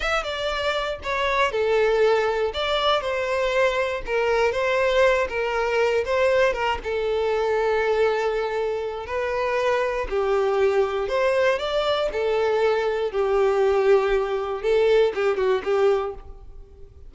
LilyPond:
\new Staff \with { instrumentName = "violin" } { \time 4/4 \tempo 4 = 119 e''8 d''4. cis''4 a'4~ | a'4 d''4 c''2 | ais'4 c''4. ais'4. | c''4 ais'8 a'2~ a'8~ |
a'2 b'2 | g'2 c''4 d''4 | a'2 g'2~ | g'4 a'4 g'8 fis'8 g'4 | }